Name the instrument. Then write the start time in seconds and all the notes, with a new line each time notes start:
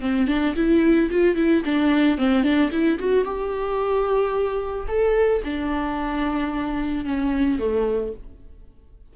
viola
0.00 C4
0.27 D4
0.56 E4
1.10 F4
1.36 E4
1.64 D4
2.18 C4
2.43 D4
2.71 E4
2.99 F#4
3.24 G4
4.87 A4
5.44 D4
7.05 C#4
7.59 A3